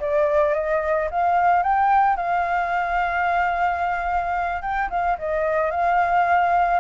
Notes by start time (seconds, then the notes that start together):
0.00 D5
0.54 D#5
1.11 F5
1.63 G5
2.16 F5
4.62 G5
4.90 F5
5.18 D#5
5.71 F5